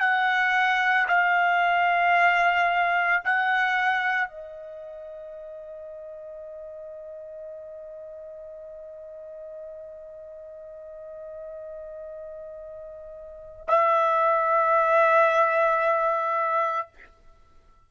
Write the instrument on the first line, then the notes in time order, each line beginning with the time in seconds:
trumpet
0.00 F#5
1.08 F5
3.24 F#5
4.28 D#5
13.68 E5